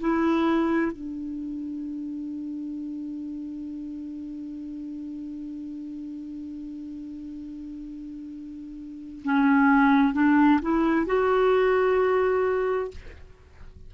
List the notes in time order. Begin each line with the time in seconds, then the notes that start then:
0.00 E4
0.91 D4
9.24 C#4
10.13 D4
10.62 E4
11.06 F#4